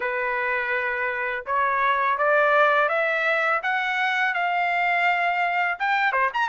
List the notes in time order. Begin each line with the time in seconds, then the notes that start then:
0.00 B4
1.46 C#5
2.18 D5
2.88 E5
3.62 F#5
4.34 F5
5.79 G5
6.12 C5
6.33 A#5